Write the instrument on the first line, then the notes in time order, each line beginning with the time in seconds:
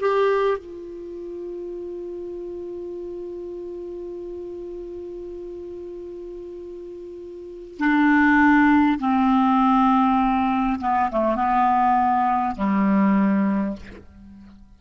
clarinet
0.00 G4
0.57 F4
7.78 D4
8.99 C4
10.80 B3
11.11 A3
11.36 B3
12.56 G3